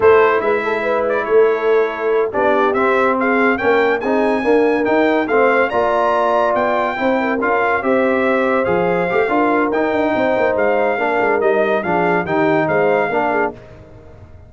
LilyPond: <<
  \new Staff \with { instrumentName = "trumpet" } { \time 4/4 \tempo 4 = 142 c''4 e''4. d''8 cis''4~ | cis''4. d''4 e''4 f''8~ | f''8 g''4 gis''2 g''8~ | g''8 f''4 ais''2 g''8~ |
g''4. f''4 e''4.~ | e''8 f''2~ f''8 g''4~ | g''4 f''2 dis''4 | f''4 g''4 f''2 | }
  \new Staff \with { instrumentName = "horn" } { \time 4/4 a'4 b'8 a'8 b'4 a'4~ | a'4. g'2 gis'8~ | gis'8 ais'4 gis'4 ais'4.~ | ais'8 c''4 d''2~ d''8~ |
d''8 c''8 ais'4. c''4.~ | c''2 ais'2 | c''2 ais'2 | gis'4 g'4 c''4 ais'8 gis'8 | }
  \new Staff \with { instrumentName = "trombone" } { \time 4/4 e'1~ | e'4. d'4 c'4.~ | c'8 cis'4 dis'4 ais4 dis'8~ | dis'8 c'4 f'2~ f'8~ |
f'8 e'4 f'4 g'4.~ | g'8 gis'4 g'8 f'4 dis'4~ | dis'2 d'4 dis'4 | d'4 dis'2 d'4 | }
  \new Staff \with { instrumentName = "tuba" } { \time 4/4 a4 gis2 a4~ | a4. b4 c'4.~ | c'8 ais4 c'4 d'4 dis'8~ | dis'8 a4 ais2 b8~ |
b8 c'4 cis'4 c'4.~ | c'8 f4 a8 d'4 dis'8 d'8 | c'8 ais8 gis4 ais8 gis8 g4 | f4 dis4 gis4 ais4 | }
>>